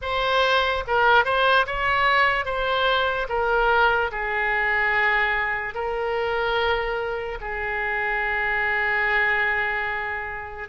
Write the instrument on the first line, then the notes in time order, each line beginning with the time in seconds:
oboe
0.01 C5
0.87 A#4
1.24 C5
1.66 C#5
2.45 C5
3.28 A#4
4.11 G#4
5.74 A#4
7.40 G#4